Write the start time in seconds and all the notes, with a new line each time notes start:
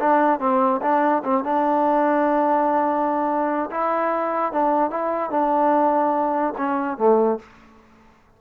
0.00 D4
0.40 C4
0.82 D4
1.24 C4
1.44 D4
3.71 E4
4.53 D4
4.91 E4
5.31 D4
6.58 C#4
6.98 A3